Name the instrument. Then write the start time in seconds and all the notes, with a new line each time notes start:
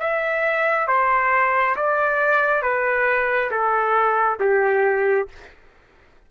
trumpet
0.00 E5
0.88 C5
1.77 D5
2.63 B4
3.51 A4
4.40 G4